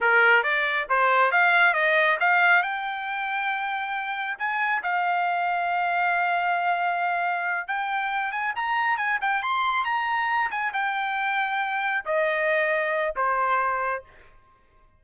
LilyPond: \new Staff \with { instrumentName = "trumpet" } { \time 4/4 \tempo 4 = 137 ais'4 d''4 c''4 f''4 | dis''4 f''4 g''2~ | g''2 gis''4 f''4~ | f''1~ |
f''4. g''4. gis''8 ais''8~ | ais''8 gis''8 g''8 c'''4 ais''4. | gis''8 g''2. dis''8~ | dis''2 c''2 | }